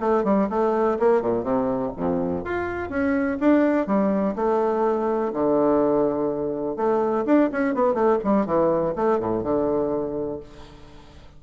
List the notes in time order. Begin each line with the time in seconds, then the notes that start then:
0.00 A3
0.24 G3
0.50 A3
0.99 A#3
1.22 A#2
1.43 C3
1.96 F2
2.45 F4
2.89 C#4
3.40 D4
3.87 G3
4.36 A3
5.33 D3
6.77 A3
7.26 D4
7.52 C#4
7.75 B3
7.94 A3
8.24 G3
8.46 E3
8.95 A3
9.20 A2
9.43 D3